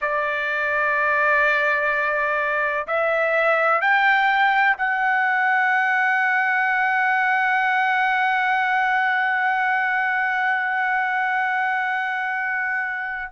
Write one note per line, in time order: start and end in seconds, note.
0.01 2.87 D5
2.87 3.81 E5
3.81 4.76 G5
4.77 13.32 F#5